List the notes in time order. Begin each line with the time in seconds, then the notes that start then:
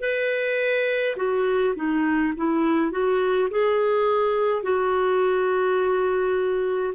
0.00 B4
1.16 F#4
1.76 D#4
2.37 E4
2.91 F#4
3.50 G#4
4.63 F#4